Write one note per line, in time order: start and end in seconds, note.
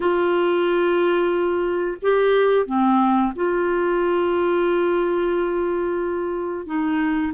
0.00 1.97 F4
2.02 2.65 G4
2.65 3.32 C4
3.35 6.65 F4
6.65 7.32 D#4